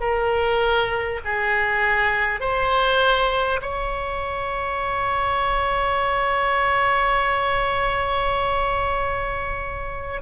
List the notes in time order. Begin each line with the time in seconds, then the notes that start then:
0.00 A#4
1.24 G#4
2.40 C5
3.61 C#5